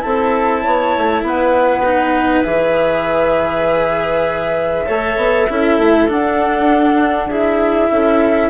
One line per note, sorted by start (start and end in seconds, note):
0.00 0.66 C4
0.00 1.82 E4
0.00 0.63 A4
0.00 1.23 A5
0.63 0.96 B3
0.63 1.24 C#5
0.98 1.23 A3
1.23 2.44 B3
1.23 4.87 B4
1.23 2.44 F#5
1.85 2.44 D#4
2.44 4.88 E3
2.44 4.87 G#4
2.44 6.07 E5
4.87 5.17 A3
4.87 5.48 A4
4.87 5.47 C#5
5.17 5.47 B3
5.50 5.79 C#4
5.50 6.08 E4
5.50 7.29 A4
5.79 6.09 A3
6.08 7.30 D4
6.08 7.91 D4
6.08 7.31 F#5
7.29 8.50 E4
7.29 7.90 G#4
7.29 8.50 E5
7.91 8.50 C#4
7.91 8.50 A4